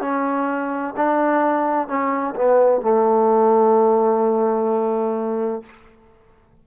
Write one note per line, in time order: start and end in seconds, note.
0.00 0.94 C#4
0.96 1.87 D4
1.87 2.34 C#4
2.35 2.81 B3
2.81 5.62 A3